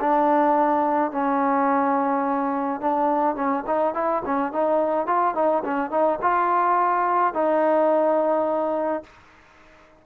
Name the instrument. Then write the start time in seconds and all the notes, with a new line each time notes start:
trombone
0.00 D4
1.11 C#4
2.80 D4
3.35 C#4
3.66 D#4
3.94 E4
4.25 C#4
4.52 D#4
5.06 F4
5.34 D#4
5.64 C#4
5.90 D#4
6.21 F4
7.33 D#4